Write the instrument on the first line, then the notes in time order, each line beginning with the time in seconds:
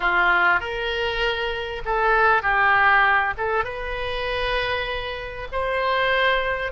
oboe
0.00 F4
0.60 A#4
1.85 A4
2.42 G4
3.37 A4
3.64 B4
5.52 C5